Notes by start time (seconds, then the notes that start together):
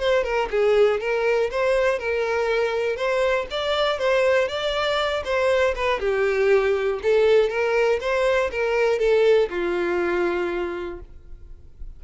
0.00 C5
0.24 A#4
0.51 G#4
1.00 A#4
1.51 C5
1.99 A#4
2.96 C5
3.51 D5
3.99 C5
4.48 D5
5.25 C5
5.75 B4
6.00 G4
7.03 A4
7.50 A#4
8.01 C5
8.51 A#4
8.99 A4
9.50 F4